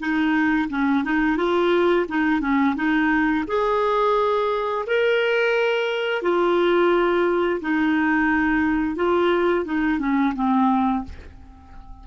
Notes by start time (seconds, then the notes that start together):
0.00 D#4
0.70 C#4
1.04 D#4
1.38 F4
2.09 D#4
2.41 C#4
2.76 D#4
3.48 G#4
4.87 A#4
6.23 F4
7.61 D#4
8.96 F4
9.66 D#4
9.99 C#4
10.35 C4